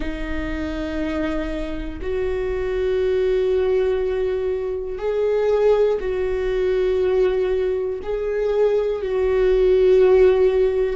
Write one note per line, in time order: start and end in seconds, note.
0.00 2.00 D#4
2.01 4.98 F#4
4.98 5.98 G#4
6.00 8.00 F#4
8.02 9.01 G#4
9.01 10.96 F#4